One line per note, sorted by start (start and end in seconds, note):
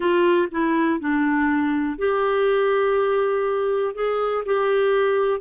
0.00 0.49 F4
0.51 1.00 E4
1.00 1.98 D4
1.98 3.94 G4
3.94 4.44 G#4
4.45 5.40 G4